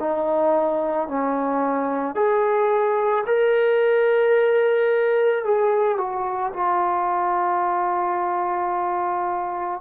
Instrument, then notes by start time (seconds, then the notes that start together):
trombone
0.00 D#4
1.09 C#4
2.16 G#4
3.27 A#4
5.45 G#4
5.98 F#4
6.54 F4